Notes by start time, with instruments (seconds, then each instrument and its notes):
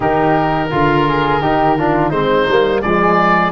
0.00 tuba D#3, trombone D#4, flute G4, oboe A#4
0.70 tuba D3, flute F4, trombone F4
1.08 flute G#4
1.40 tuba D#3, trombone D#4, flute G4
1.77 trombone D4, flute F4
2.09 tuba G#3, trombone C4, flute D#4, oboe C5
2.48 tuba G3, trombone A#3
2.81 tuba F3, trombone G#3, flute G#4, oboe D5